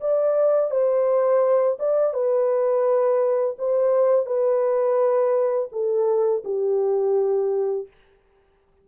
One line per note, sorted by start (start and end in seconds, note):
0.00 0.70 D5
0.70 1.77 C5
1.79 2.13 D5
2.13 3.56 B4
3.58 4.26 C5
4.26 5.69 B4
5.71 6.43 A4
6.44 7.87 G4